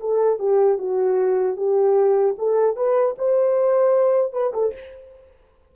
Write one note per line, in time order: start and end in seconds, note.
0.00 0.39 A4
0.39 0.78 G4
0.78 1.56 F#4
1.56 2.35 G4
2.38 2.76 A4
2.76 3.15 B4
3.18 4.32 C5
4.32 4.52 B4
4.53 4.73 A4